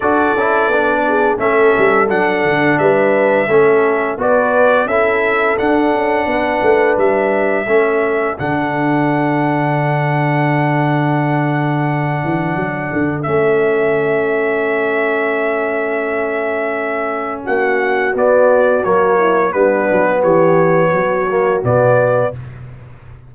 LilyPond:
<<
  \new Staff \with { instrumentName = "trumpet" } { \time 4/4 \tempo 4 = 86 d''2 e''4 fis''4 | e''2 d''4 e''4 | fis''2 e''2 | fis''1~ |
fis''2. e''4~ | e''1~ | e''4 fis''4 d''4 cis''4 | b'4 cis''2 d''4 | }
  \new Staff \with { instrumentName = "horn" } { \time 4/4 a'4. gis'8 a'2 | b'4 a'4 b'4 a'4~ | a'4 b'2 a'4~ | a'1~ |
a'1~ | a'1~ | a'4 fis'2~ fis'8 e'8 | d'4 g'4 fis'2 | }
  \new Staff \with { instrumentName = "trombone" } { \time 4/4 fis'8 e'8 d'4 cis'4 d'4~ | d'4 cis'4 fis'4 e'4 | d'2. cis'4 | d'1~ |
d'2. cis'4~ | cis'1~ | cis'2 b4 ais4 | b2~ b8 ais8 b4 | }
  \new Staff \with { instrumentName = "tuba" } { \time 4/4 d'8 cis'8 b4 a8 g8 fis8 d8 | g4 a4 b4 cis'4 | d'8 cis'8 b8 a8 g4 a4 | d1~ |
d4. e8 fis8 d8 a4~ | a1~ | a4 ais4 b4 fis4 | g8 fis8 e4 fis4 b,4 | }
>>